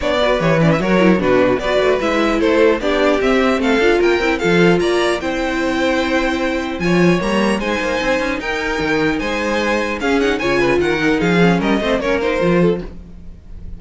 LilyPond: <<
  \new Staff \with { instrumentName = "violin" } { \time 4/4 \tempo 4 = 150 d''4 cis''8 d''16 e''16 cis''4 b'4 | d''4 e''4 c''4 d''4 | e''4 f''4 g''4 f''4 | ais''4 g''2.~ |
g''4 gis''4 ais''4 gis''4~ | gis''4 g''2 gis''4~ | gis''4 f''8 fis''8 gis''4 fis''4 | f''4 dis''4 cis''8 c''4. | }
  \new Staff \with { instrumentName = "violin" } { \time 4/4 cis''8 b'4. ais'4 fis'4 | b'2 a'4 g'4~ | g'4 a'4 ais'4 a'4 | d''4 c''2.~ |
c''4 cis''2 c''4~ | c''4 ais'2 c''4~ | c''4 gis'4 cis''8 b'8 ais'4 | gis'4 ais'8 c''8 ais'4. a'8 | }
  \new Staff \with { instrumentName = "viola" } { \time 4/4 d'8 fis'8 g'8 cis'8 fis'8 e'8 d'4 | fis'4 e'2 d'4 | c'4. f'4 e'8 f'4~ | f'4 e'2.~ |
e'4 f'4 ais4 dis'4~ | dis'1~ | dis'4 cis'8 dis'8 f'4. dis'8~ | dis'8 cis'4 c'8 cis'8 dis'8 f'4 | }
  \new Staff \with { instrumentName = "cello" } { \time 4/4 b4 e4 fis4 b,4 | b8 a8 gis4 a4 b4 | c'4 a8 d'8 ais8 c'8 f4 | ais4 c'2.~ |
c'4 f4 g4 gis8 ais8 | c'8 cis'8 dis'4 dis4 gis4~ | gis4 cis'4 cis4 dis4 | f4 g8 a8 ais4 f4 | }
>>